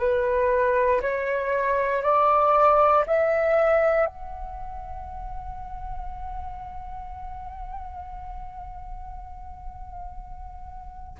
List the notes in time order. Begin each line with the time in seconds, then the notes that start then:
0.00 B4
1.02 C#5
2.03 D5
3.07 E5
4.06 F#5